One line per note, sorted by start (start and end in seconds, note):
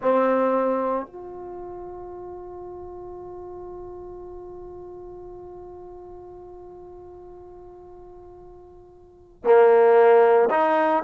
0.01 1.06 C4
1.06 9.44 F4
9.44 10.49 A#3
10.50 11.02 D#4